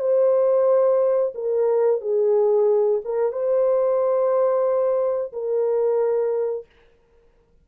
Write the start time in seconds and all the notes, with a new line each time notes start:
0.00 C5
1.35 A#4
2.01 G#4
3.05 A#4
3.32 C5
5.33 A#4